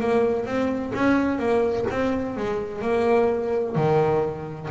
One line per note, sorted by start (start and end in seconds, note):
0.00 0.46 A#3
0.46 0.93 C4
0.95 1.39 C#4
1.39 1.86 A#3
1.91 2.37 C4
2.37 2.82 G#3
2.82 3.76 A#3
3.76 4.69 D#3